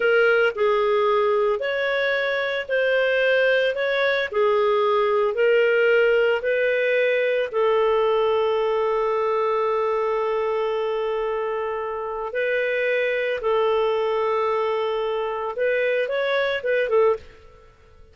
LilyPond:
\new Staff \with { instrumentName = "clarinet" } { \time 4/4 \tempo 4 = 112 ais'4 gis'2 cis''4~ | cis''4 c''2 cis''4 | gis'2 ais'2 | b'2 a'2~ |
a'1~ | a'2. b'4~ | b'4 a'2.~ | a'4 b'4 cis''4 b'8 a'8 | }